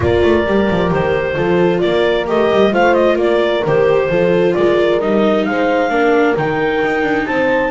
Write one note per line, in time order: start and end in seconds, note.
0.00 0.22 A#3
0.00 0.45 F4
0.00 1.36 A#4
0.00 0.92 D5
0.23 0.45 A3
0.46 0.69 G3
0.46 1.34 G4
0.70 0.91 F3
0.91 1.36 D#3
0.91 1.80 C5
1.34 1.83 F3
1.34 2.25 F4
1.34 1.81 A4
1.80 2.28 A#3
1.80 2.71 A#4
1.80 2.25 D5
2.26 2.51 A3
2.26 2.71 G4
2.26 2.73 D#5
2.52 2.73 G3
2.71 3.15 A3
2.71 3.62 F4
2.71 3.14 C5
2.71 2.93 F5
2.93 3.16 D#5
3.14 3.61 A#3
3.14 4.05 A#4
3.14 3.65 D5
3.65 4.09 D#3
3.65 4.10 G4
3.65 4.54 C5
4.09 4.54 F3
4.09 5.00 F4
4.09 4.55 A4
4.54 5.01 G#3
4.54 5.48 A#4
4.54 5.00 D5
5.00 5.46 G3
5.00 5.89 D#4
5.00 5.45 D#5
5.45 5.89 G#3
5.45 5.90 C5
5.45 6.35 F5
5.89 6.34 A#3
5.89 6.35 D4
5.89 7.27 A#4
6.36 6.82 D#3
6.36 7.71 D#4
6.36 7.26 G5
6.84 7.02 D#4
7.02 7.25 D4
7.26 7.71 C4
7.26 7.71 C5
7.26 7.71 A5